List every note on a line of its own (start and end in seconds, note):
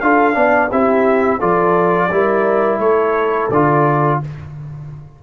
0.00 0.36 D4
0.00 0.34 F4
0.00 0.37 A4
0.00 0.70 F5
0.34 0.71 B3
0.34 0.68 D4
0.34 0.71 D5
0.71 1.41 C4
0.71 1.40 E4
0.71 1.38 G4
0.71 1.41 E5
1.38 2.09 F3
1.38 2.10 F4
1.38 2.08 A4
1.38 2.80 D5
2.09 2.79 G3
2.09 3.51 E4
2.09 2.80 A#4
2.79 3.48 A3
2.79 4.20 A4
2.79 3.49 C#5
3.50 4.19 D3
3.50 4.23 F4
3.50 4.20 D5